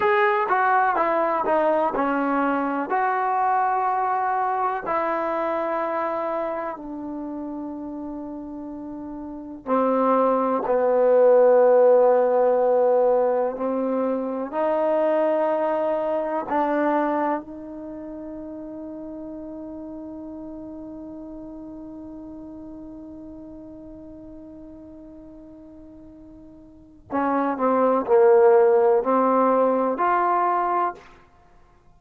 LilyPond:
\new Staff \with { instrumentName = "trombone" } { \time 4/4 \tempo 4 = 62 gis'8 fis'8 e'8 dis'8 cis'4 fis'4~ | fis'4 e'2 d'4~ | d'2 c'4 b4~ | b2 c'4 dis'4~ |
dis'4 d'4 dis'2~ | dis'1~ | dis'1 | cis'8 c'8 ais4 c'4 f'4 | }